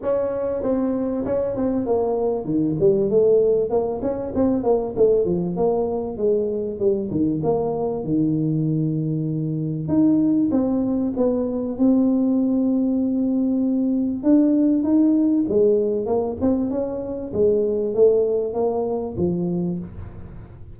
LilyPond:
\new Staff \with { instrumentName = "tuba" } { \time 4/4 \tempo 4 = 97 cis'4 c'4 cis'8 c'8 ais4 | dis8 g8 a4 ais8 cis'8 c'8 ais8 | a8 f8 ais4 gis4 g8 dis8 | ais4 dis2. |
dis'4 c'4 b4 c'4~ | c'2. d'4 | dis'4 gis4 ais8 c'8 cis'4 | gis4 a4 ais4 f4 | }